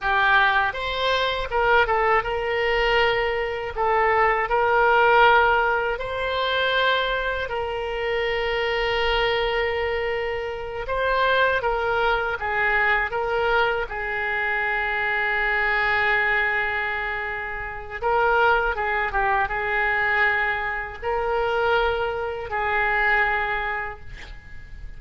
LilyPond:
\new Staff \with { instrumentName = "oboe" } { \time 4/4 \tempo 4 = 80 g'4 c''4 ais'8 a'8 ais'4~ | ais'4 a'4 ais'2 | c''2 ais'2~ | ais'2~ ais'8 c''4 ais'8~ |
ais'8 gis'4 ais'4 gis'4.~ | gis'1 | ais'4 gis'8 g'8 gis'2 | ais'2 gis'2 | }